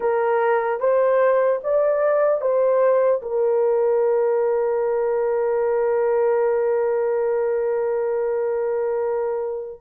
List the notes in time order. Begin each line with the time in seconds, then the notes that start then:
0.00 A#4
0.80 C5
1.63 D5
2.41 C5
3.21 A#4